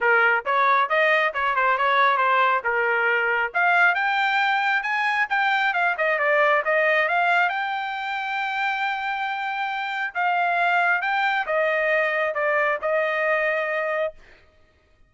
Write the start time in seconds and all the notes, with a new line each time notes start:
0.00 A#4
0.45 C#5
0.89 D#5
1.33 C#5
1.55 C5
1.77 C#5
2.17 C5
2.64 A#4
3.54 F5
3.94 G5
4.82 G#5
5.29 G5
5.73 F5
5.97 D#5
6.18 D5
6.64 D#5
7.08 F5
7.49 G5
10.14 F5
11.01 G5
11.46 D#5
12.34 D5
12.81 D#5